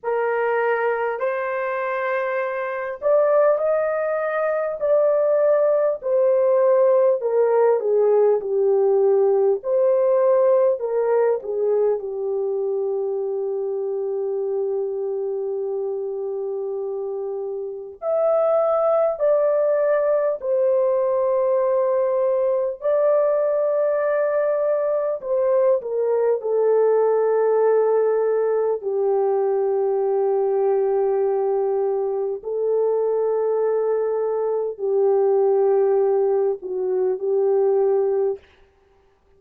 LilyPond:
\new Staff \with { instrumentName = "horn" } { \time 4/4 \tempo 4 = 50 ais'4 c''4. d''8 dis''4 | d''4 c''4 ais'8 gis'8 g'4 | c''4 ais'8 gis'8 g'2~ | g'2. e''4 |
d''4 c''2 d''4~ | d''4 c''8 ais'8 a'2 | g'2. a'4~ | a'4 g'4. fis'8 g'4 | }